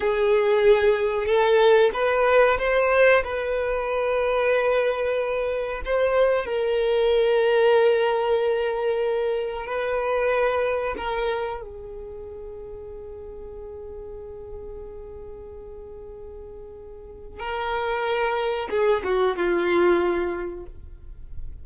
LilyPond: \new Staff \with { instrumentName = "violin" } { \time 4/4 \tempo 4 = 93 gis'2 a'4 b'4 | c''4 b'2.~ | b'4 c''4 ais'2~ | ais'2. b'4~ |
b'4 ais'4 gis'2~ | gis'1~ | gis'2. ais'4~ | ais'4 gis'8 fis'8 f'2 | }